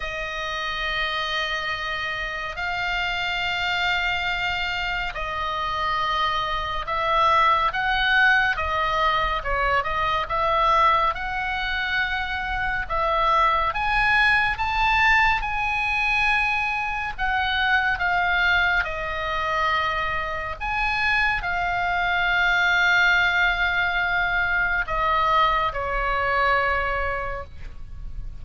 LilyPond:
\new Staff \with { instrumentName = "oboe" } { \time 4/4 \tempo 4 = 70 dis''2. f''4~ | f''2 dis''2 | e''4 fis''4 dis''4 cis''8 dis''8 | e''4 fis''2 e''4 |
gis''4 a''4 gis''2 | fis''4 f''4 dis''2 | gis''4 f''2.~ | f''4 dis''4 cis''2 | }